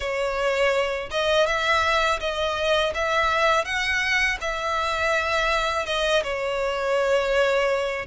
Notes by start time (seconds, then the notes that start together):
0.00 C#5
1.10 D#5
1.46 E5
2.20 D#5
2.94 E5
3.65 F#5
4.40 E5
5.86 D#5
6.23 C#5